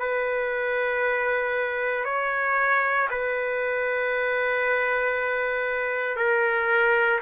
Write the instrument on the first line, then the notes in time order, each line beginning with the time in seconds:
trumpet
0.00 B4
2.05 C#5
3.11 B4
6.17 A#4